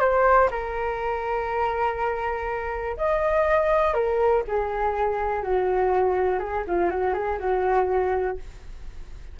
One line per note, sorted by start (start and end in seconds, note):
0.00 0.49 C5
0.51 2.97 A#4
2.97 3.94 D#5
3.94 4.43 A#4
4.48 5.43 G#4
5.43 6.39 F#4
6.39 6.64 G#4
6.67 6.90 F4
6.90 7.14 F#4
7.14 7.38 G#4
7.39 8.37 F#4